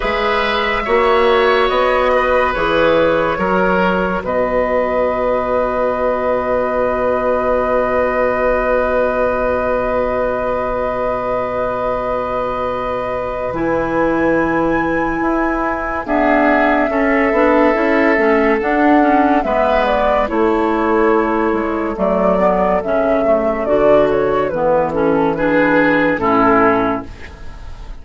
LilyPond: <<
  \new Staff \with { instrumentName = "flute" } { \time 4/4 \tempo 4 = 71 e''2 dis''4 cis''4~ | cis''4 dis''2.~ | dis''1~ | dis''1 |
gis''2. e''4~ | e''2 fis''4 e''8 d''8 | cis''2 d''4 e''4 | d''8 cis''8 b'8 a'8 b'4 a'4 | }
  \new Staff \with { instrumentName = "oboe" } { \time 4/4 b'4 cis''4. b'4. | ais'4 b'2.~ | b'1~ | b'1~ |
b'2. gis'4 | a'2. b'4 | a'1~ | a'2 gis'4 e'4 | }
  \new Staff \with { instrumentName = "clarinet" } { \time 4/4 gis'4 fis'2 gis'4 | fis'1~ | fis'1~ | fis'1 |
e'2. b4 | cis'8 d'8 e'8 cis'8 d'8 cis'8 b4 | e'2 a8 b8 cis'8 a8 | fis'4 b8 cis'8 d'4 cis'4 | }
  \new Staff \with { instrumentName = "bassoon" } { \time 4/4 gis4 ais4 b4 e4 | fis4 b,2.~ | b,1~ | b,1 |
e2 e'4 d'4 | cis'8 b8 cis'8 a8 d'4 gis4 | a4. gis8 fis4 cis4 | d4 e2 a,4 | }
>>